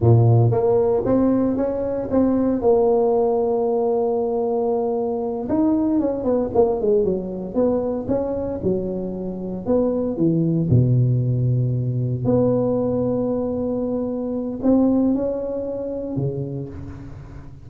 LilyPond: \new Staff \with { instrumentName = "tuba" } { \time 4/4 \tempo 4 = 115 ais,4 ais4 c'4 cis'4 | c'4 ais2.~ | ais2~ ais8 dis'4 cis'8 | b8 ais8 gis8 fis4 b4 cis'8~ |
cis'8 fis2 b4 e8~ | e8 b,2. b8~ | b1 | c'4 cis'2 cis4 | }